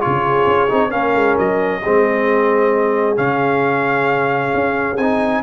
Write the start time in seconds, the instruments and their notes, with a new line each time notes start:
0.00 tuba C#3, trombone F4, horn G#4, trumpet C#5
0.46 tuba C#4
0.68 tuba C4, trombone D#4
0.89 tuba A#3, trombone C#4, horn A#4, trumpet F5
1.14 tuba G#3
1.38 tuba F#3, trumpet D#5
1.82 tuba G#3, trombone C4, horn G#4
3.15 tuba C#3, trombone C#4, trumpet F5
4.54 tuba C#4
4.97 tuba C4, trombone D#4, trumpet G#5